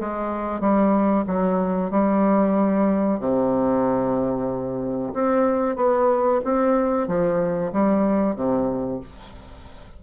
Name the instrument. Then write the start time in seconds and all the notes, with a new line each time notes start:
bassoon
0.00 G#3
0.60 G3
1.27 F#3
1.91 G3
3.20 C3
5.13 C4
5.76 B3
6.45 C4
7.08 F3
7.72 G3
8.35 C3